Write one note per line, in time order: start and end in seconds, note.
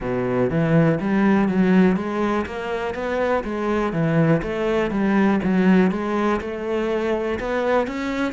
0.00 0.50 B2
0.50 0.99 E3
1.00 1.48 G3
1.48 1.96 F#3
1.96 2.45 G#3
2.46 2.94 A#3
2.94 3.43 B3
3.44 3.92 G#3
3.92 4.42 E3
4.42 4.90 A3
4.90 5.40 G3
5.43 5.91 F#3
5.91 6.40 G#3
6.40 7.39 A3
7.39 7.87 B3
7.87 8.32 C#4